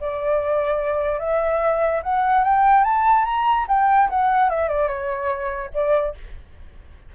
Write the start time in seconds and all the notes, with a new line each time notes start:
0.00 D5
1.19 E5
2.03 F#5
2.44 G5
2.84 A5
3.25 A#5
3.68 G5
4.09 F#5
4.50 E5
4.68 D5
4.88 C#5
5.74 D5